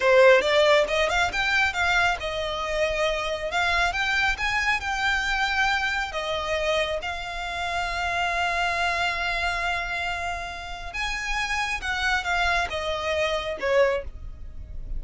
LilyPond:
\new Staff \with { instrumentName = "violin" } { \time 4/4 \tempo 4 = 137 c''4 d''4 dis''8 f''8 g''4 | f''4 dis''2. | f''4 g''4 gis''4 g''4~ | g''2 dis''2 |
f''1~ | f''1~ | f''4 gis''2 fis''4 | f''4 dis''2 cis''4 | }